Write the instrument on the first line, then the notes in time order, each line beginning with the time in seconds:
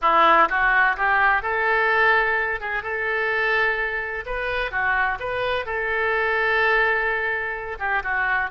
oboe
0.01 E4
0.49 F#4
0.96 G4
1.42 A4
2.60 G#4
2.82 A4
4.25 B4
4.71 F#4
5.19 B4
5.65 A4
7.79 G4
8.03 F#4